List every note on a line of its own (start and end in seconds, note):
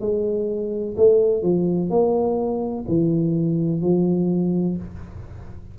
0.00 0.95 G#3
0.97 1.43 A3
1.43 1.90 F3
1.90 2.85 A#3
2.88 3.82 E3
3.82 4.77 F3